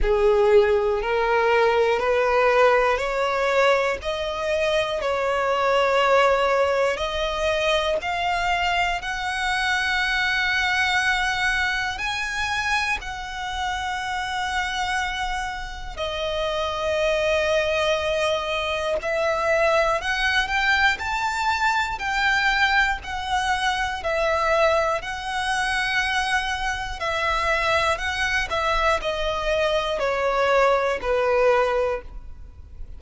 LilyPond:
\new Staff \with { instrumentName = "violin" } { \time 4/4 \tempo 4 = 60 gis'4 ais'4 b'4 cis''4 | dis''4 cis''2 dis''4 | f''4 fis''2. | gis''4 fis''2. |
dis''2. e''4 | fis''8 g''8 a''4 g''4 fis''4 | e''4 fis''2 e''4 | fis''8 e''8 dis''4 cis''4 b'4 | }